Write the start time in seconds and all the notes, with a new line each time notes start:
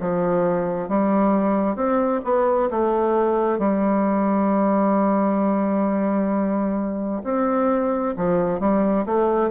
0.00 F3
0.89 G3
1.76 C4
2.24 B3
2.71 A3
3.58 G3
7.24 C4
8.17 F3
8.60 G3
9.06 A3